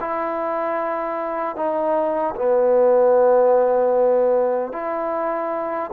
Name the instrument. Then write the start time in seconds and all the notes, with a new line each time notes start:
trombone
0.00 E4
1.55 D#4
2.35 B3
4.72 E4